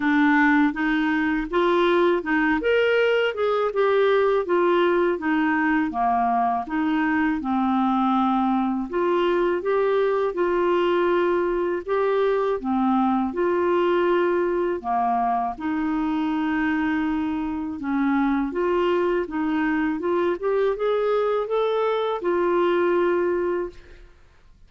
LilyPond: \new Staff \with { instrumentName = "clarinet" } { \time 4/4 \tempo 4 = 81 d'4 dis'4 f'4 dis'8 ais'8~ | ais'8 gis'8 g'4 f'4 dis'4 | ais4 dis'4 c'2 | f'4 g'4 f'2 |
g'4 c'4 f'2 | ais4 dis'2. | cis'4 f'4 dis'4 f'8 g'8 | gis'4 a'4 f'2 | }